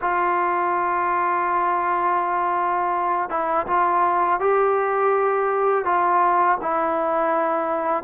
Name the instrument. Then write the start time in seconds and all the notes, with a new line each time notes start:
trombone
0.01 F4
3.29 E4
3.67 F4
4.39 G4
5.84 F4
6.61 E4